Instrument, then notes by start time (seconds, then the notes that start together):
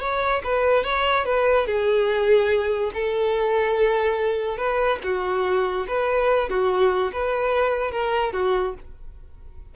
violin
0.00 C#5
0.44 B4
0.84 C#5
1.25 B4
1.66 G#4
2.94 A4
4.57 B4
5.03 F#4
5.87 B4
6.49 F#4
7.12 B4
7.91 A#4
8.33 F#4